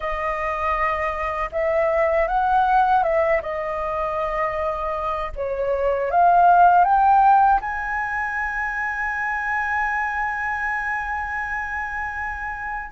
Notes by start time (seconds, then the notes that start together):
0.00 D#5
1.52 E5
2.27 F#5
3.03 E5
3.42 D#5
5.35 C#5
6.10 F5
6.84 G5
7.61 G#5